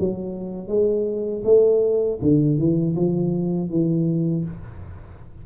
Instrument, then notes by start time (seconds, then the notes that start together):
tuba
0.00 F#3
0.69 G#3
1.45 A3
2.22 D3
2.58 E3
2.96 F3
3.70 E3